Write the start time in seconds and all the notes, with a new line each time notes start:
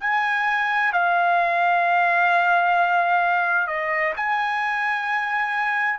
0.00 G#5
0.92 F5
3.67 D#5
4.16 G#5